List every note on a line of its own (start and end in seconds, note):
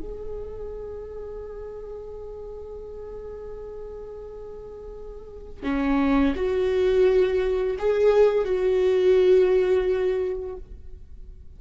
0.00 5.63 G#4
5.63 6.34 C#4
6.37 7.78 F#4
7.79 8.45 G#4
8.45 10.57 F#4